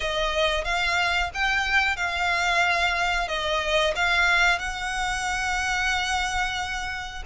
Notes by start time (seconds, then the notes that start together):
0.00 D#5
0.64 F5
1.34 G5
1.96 F5
3.28 D#5
3.95 F5
4.59 F#5